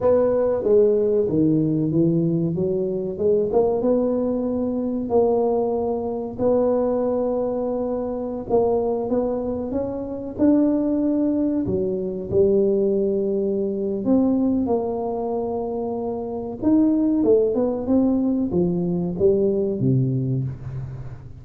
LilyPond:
\new Staff \with { instrumentName = "tuba" } { \time 4/4 \tempo 4 = 94 b4 gis4 dis4 e4 | fis4 gis8 ais8 b2 | ais2 b2~ | b4~ b16 ais4 b4 cis'8.~ |
cis'16 d'2 fis4 g8.~ | g2 c'4 ais4~ | ais2 dis'4 a8 b8 | c'4 f4 g4 c4 | }